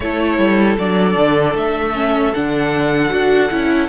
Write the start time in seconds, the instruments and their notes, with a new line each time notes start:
0.00 cello A3, viola E4, violin A4 C#5
0.38 cello G3
0.78 cello F#3, viola D4, violin D5
1.15 cello D3
1.55 cello A3, violin E5
1.94 viola C#4
2.34 cello D3, viola D4, violin F#5
3.09 cello D4, viola F#4
3.50 cello C#4, viola E4